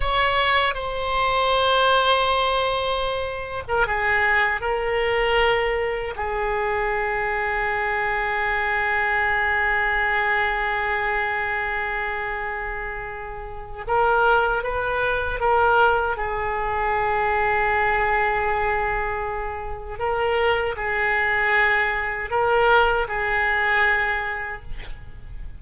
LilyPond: \new Staff \with { instrumentName = "oboe" } { \time 4/4 \tempo 4 = 78 cis''4 c''2.~ | c''8. ais'16 gis'4 ais'2 | gis'1~ | gis'1~ |
gis'2 ais'4 b'4 | ais'4 gis'2.~ | gis'2 ais'4 gis'4~ | gis'4 ais'4 gis'2 | }